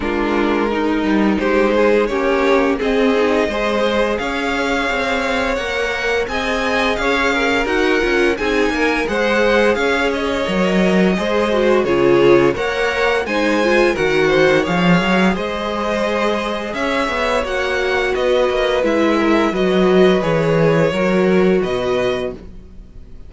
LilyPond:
<<
  \new Staff \with { instrumentName = "violin" } { \time 4/4 \tempo 4 = 86 ais'2 c''4 cis''4 | dis''2 f''2 | fis''4 gis''4 f''4 fis''4 | gis''4 fis''4 f''8 dis''4.~ |
dis''4 cis''4 fis''4 gis''4 | fis''4 f''4 dis''2 | e''4 fis''4 dis''4 e''4 | dis''4 cis''2 dis''4 | }
  \new Staff \with { instrumentName = "violin" } { \time 4/4 f'4 dis'4 g'8 gis'8 g'4 | gis'4 c''4 cis''2~ | cis''4 dis''4 cis''8 ais'4. | gis'8 ais'8 c''4 cis''2 |
c''4 gis'4 cis''4 c''4 | ais'8 c''8 cis''4 c''2 | cis''2 b'4. ais'8 | b'2 ais'4 b'4 | }
  \new Staff \with { instrumentName = "viola" } { \time 4/4 d'4 dis'2 cis'4 | c'8 dis'8 gis'2. | ais'4 gis'2 fis'8 f'8 | dis'4 gis'2 ais'4 |
gis'8 fis'8 f'4 ais'4 dis'8 f'8 | fis'4 gis'2.~ | gis'4 fis'2 e'4 | fis'4 gis'4 fis'2 | }
  \new Staff \with { instrumentName = "cello" } { \time 4/4 gis4. g8 gis4 ais4 | c'4 gis4 cis'4 c'4 | ais4 c'4 cis'4 dis'8 cis'8 | c'8 ais8 gis4 cis'4 fis4 |
gis4 cis4 ais4 gis4 | dis4 f8 fis8 gis2 | cis'8 b8 ais4 b8 ais8 gis4 | fis4 e4 fis4 b,4 | }
>>